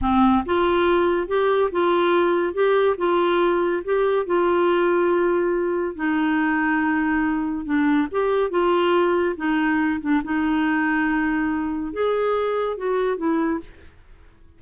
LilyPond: \new Staff \with { instrumentName = "clarinet" } { \time 4/4 \tempo 4 = 141 c'4 f'2 g'4 | f'2 g'4 f'4~ | f'4 g'4 f'2~ | f'2 dis'2~ |
dis'2 d'4 g'4 | f'2 dis'4. d'8 | dis'1 | gis'2 fis'4 e'4 | }